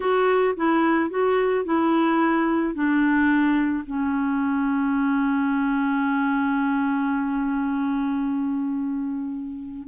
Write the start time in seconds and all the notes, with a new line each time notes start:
0.00 F#4
0.56 E4
1.10 F#4
1.64 E4
2.74 D4
3.86 C#4